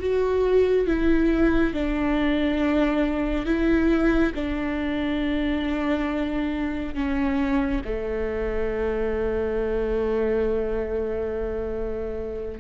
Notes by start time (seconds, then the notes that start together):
0.00 F#4
0.87 E4
1.74 D4
3.46 E4
4.35 D4
6.95 C#4
7.85 A3